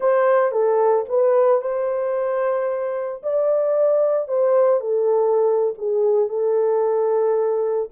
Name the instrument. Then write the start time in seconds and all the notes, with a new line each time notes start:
horn
0.00 C5
0.51 A4
1.09 B4
1.61 C5
3.22 D5
4.28 C5
4.80 A4
5.78 G#4
6.28 A4